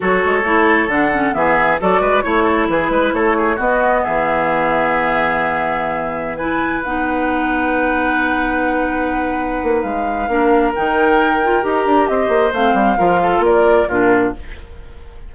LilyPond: <<
  \new Staff \with { instrumentName = "flute" } { \time 4/4 \tempo 4 = 134 cis''2 fis''4 e''4 | d''4 cis''4 b'4 cis''4 | dis''4 e''2.~ | e''2~ e''16 gis''4 fis''8.~ |
fis''1~ | fis''2 f''2 | g''2 ais''4 dis''4 | f''2 d''4 ais'4 | }
  \new Staff \with { instrumentName = "oboe" } { \time 4/4 a'2. gis'4 | a'8 b'8 cis''8 a'8 gis'8 b'8 a'8 gis'8 | fis'4 gis'2.~ | gis'2~ gis'16 b'4.~ b'16~ |
b'1~ | b'2. ais'4~ | ais'2. c''4~ | c''4 ais'8 a'8 ais'4 f'4 | }
  \new Staff \with { instrumentName = "clarinet" } { \time 4/4 fis'4 e'4 d'8 cis'8 b4 | fis'4 e'2. | b1~ | b2~ b16 e'4 dis'8.~ |
dis'1~ | dis'2. d'4 | dis'4. f'8 g'2 | c'4 f'2 d'4 | }
  \new Staff \with { instrumentName = "bassoon" } { \time 4/4 fis8 gis8 a4 d4 e4 | fis8 gis8 a4 e8 gis8 a4 | b4 e2.~ | e2.~ e16 b8.~ |
b1~ | b4. ais8 gis4 ais4 | dis2 dis'8 d'8 c'8 ais8 | a8 g8 f4 ais4 ais,4 | }
>>